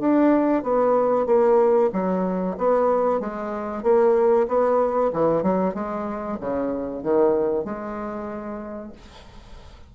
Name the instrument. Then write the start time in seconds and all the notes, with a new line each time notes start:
bassoon
0.00 D4
0.63 B3
1.26 A#3
1.92 F#3
2.58 B3
3.20 G#3
3.83 A#3
4.48 B3
5.13 E3
5.43 F#3
5.74 G#3
6.40 C#3
7.03 D#3
7.65 G#3